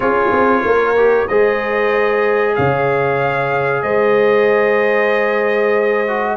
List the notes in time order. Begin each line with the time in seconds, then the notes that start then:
0.00 C#4 F4 G#4 C#5
0.32 C4
0.64 A#3 A#4
0.96 G4
1.27 G#3 G#4 C5 D#5
2.55 C#3 C#5 F5
3.82 G#3 C5 D#5
6.07 F#4